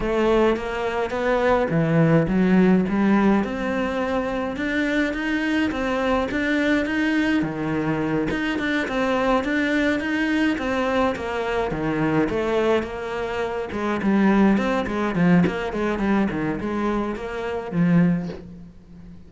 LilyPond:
\new Staff \with { instrumentName = "cello" } { \time 4/4 \tempo 4 = 105 a4 ais4 b4 e4 | fis4 g4 c'2 | d'4 dis'4 c'4 d'4 | dis'4 dis4. dis'8 d'8 c'8~ |
c'8 d'4 dis'4 c'4 ais8~ | ais8 dis4 a4 ais4. | gis8 g4 c'8 gis8 f8 ais8 gis8 | g8 dis8 gis4 ais4 f4 | }